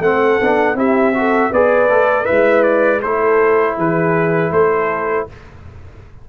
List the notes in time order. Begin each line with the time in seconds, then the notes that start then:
0.00 A3 C4 A4 F#5
0.41 B3 D4
0.75 C4 E4 G4 E5
1.14 F#4 A4
1.52 B3 G#4 B4 D5
1.89 A3 A4
2.25 E4 B4 E5
2.32 G#3
2.64 D5
3.01 A3 E4 A4 C5
3.78 E3 G#4 B4
4.51 A3 A4 C5